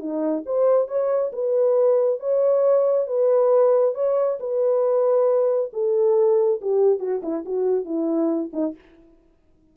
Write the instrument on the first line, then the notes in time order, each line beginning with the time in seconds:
horn
0.00 D#4
0.46 C5
0.88 C#5
1.33 B4
2.20 C#5
3.07 B4
3.95 C#5
4.40 B4
5.73 A4
6.62 G4
7.00 F#4
7.23 E4
7.46 F#4
7.85 E4
8.53 D#4